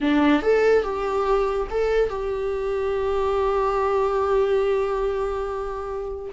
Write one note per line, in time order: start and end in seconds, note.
0.00 0.42 D4
0.42 0.83 A4
0.83 1.67 G4
1.70 2.09 A4
2.09 6.32 G4